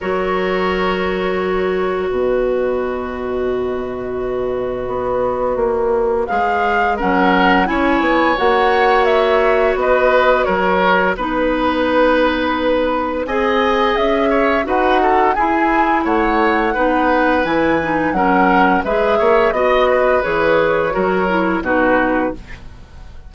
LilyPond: <<
  \new Staff \with { instrumentName = "flute" } { \time 4/4 \tempo 4 = 86 cis''2. dis''4~ | dis''1~ | dis''4 f''4 fis''4 gis''4 | fis''4 e''4 dis''4 cis''4 |
b'2. gis''4 | e''4 fis''4 gis''4 fis''4~ | fis''4 gis''4 fis''4 e''4 | dis''4 cis''2 b'4 | }
  \new Staff \with { instrumentName = "oboe" } { \time 4/4 ais'2. b'4~ | b'1~ | b'2 ais'4 cis''4~ | cis''2 b'4 ais'4 |
b'2. dis''4~ | dis''8 cis''8 b'8 a'8 gis'4 cis''4 | b'2 ais'4 b'8 cis''8 | dis''8 b'4. ais'4 fis'4 | }
  \new Staff \with { instrumentName = "clarinet" } { \time 4/4 fis'1~ | fis'1~ | fis'4 gis'4 cis'4 e'4 | fis'1 |
dis'2. gis'4~ | gis'4 fis'4 e'2 | dis'4 e'8 dis'8 cis'4 gis'4 | fis'4 gis'4 fis'8 e'8 dis'4 | }
  \new Staff \with { instrumentName = "bassoon" } { \time 4/4 fis2. b,4~ | b,2. b4 | ais4 gis4 fis4 cis'8 b8 | ais2 b4 fis4 |
b2. c'4 | cis'4 dis'4 e'4 a4 | b4 e4 fis4 gis8 ais8 | b4 e4 fis4 b,4 | }
>>